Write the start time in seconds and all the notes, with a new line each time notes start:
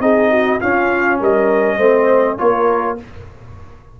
0.00 C4 D#4 G#4 D#5
0.31 F#4
0.60 C#4 F4 F5
1.20 G3 A#4 D#5
1.77 A3 C4 C5
2.38 A#3 F4 A#4 C#5